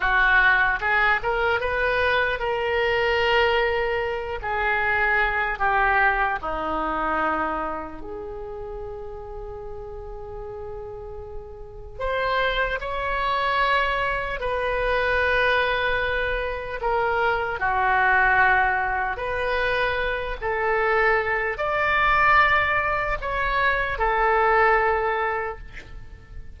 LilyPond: \new Staff \with { instrumentName = "oboe" } { \time 4/4 \tempo 4 = 75 fis'4 gis'8 ais'8 b'4 ais'4~ | ais'4. gis'4. g'4 | dis'2 gis'2~ | gis'2. c''4 |
cis''2 b'2~ | b'4 ais'4 fis'2 | b'4. a'4. d''4~ | d''4 cis''4 a'2 | }